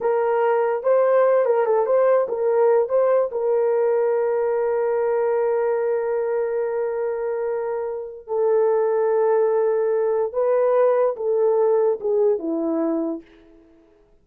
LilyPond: \new Staff \with { instrumentName = "horn" } { \time 4/4 \tempo 4 = 145 ais'2 c''4. ais'8 | a'8 c''4 ais'4. c''4 | ais'1~ | ais'1~ |
ais'1 | a'1~ | a'4 b'2 a'4~ | a'4 gis'4 e'2 | }